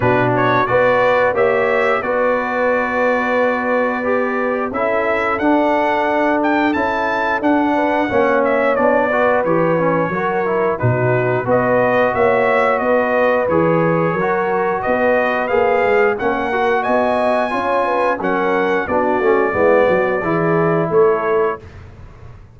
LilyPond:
<<
  \new Staff \with { instrumentName = "trumpet" } { \time 4/4 \tempo 4 = 89 b'8 cis''8 d''4 e''4 d''4~ | d''2. e''4 | fis''4. g''8 a''4 fis''4~ | fis''8 e''8 d''4 cis''2 |
b'4 dis''4 e''4 dis''4 | cis''2 dis''4 f''4 | fis''4 gis''2 fis''4 | d''2. cis''4 | }
  \new Staff \with { instrumentName = "horn" } { \time 4/4 fis'4 b'4 cis''4 b'4~ | b'2. a'4~ | a'2.~ a'8 b'8 | cis''4. b'4. ais'4 |
fis'4 b'4 cis''4 b'4~ | b'4 ais'4 b'2 | ais'4 dis''4 cis''8 b'8 ais'4 | fis'4 e'8 fis'8 gis'4 a'4 | }
  \new Staff \with { instrumentName = "trombone" } { \time 4/4 d'4 fis'4 g'4 fis'4~ | fis'2 g'4 e'4 | d'2 e'4 d'4 | cis'4 d'8 fis'8 g'8 cis'8 fis'8 e'8 |
dis'4 fis'2. | gis'4 fis'2 gis'4 | cis'8 fis'4. f'4 cis'4 | d'8 cis'8 b4 e'2 | }
  \new Staff \with { instrumentName = "tuba" } { \time 4/4 b,4 b4 ais4 b4~ | b2. cis'4 | d'2 cis'4 d'4 | ais4 b4 e4 fis4 |
b,4 b4 ais4 b4 | e4 fis4 b4 ais8 gis8 | ais4 b4 cis'4 fis4 | b8 a8 gis8 fis8 e4 a4 | }
>>